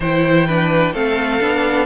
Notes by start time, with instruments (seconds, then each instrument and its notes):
0.00 cello E3, viola E4, violin C5 G5
0.46 viola D4, violin B4
0.93 cello A3, viola C4, violin A4 F5
1.40 cello B3, viola D4